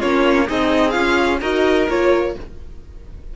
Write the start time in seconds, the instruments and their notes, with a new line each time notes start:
0.00 cello A#3, viola C#4, violin F4 C#5
0.47 cello C4, violin D#4 D#5, viola G#4
0.91 cello C#4, violin F4 F5
1.41 cello D#4, viola F#4, violin A#4 D#5
1.89 cello A#3, viola F4, violin C#5